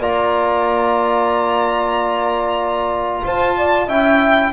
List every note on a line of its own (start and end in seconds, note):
0.00 3.23 A#3
0.00 3.89 F4
0.00 3.24 D5
0.00 3.25 A#5
3.25 3.88 F4
3.25 3.57 C5
3.25 3.89 A5
3.57 3.87 D5
3.87 4.52 C#4
3.87 4.53 E4
3.87 4.52 E5
3.87 4.53 G5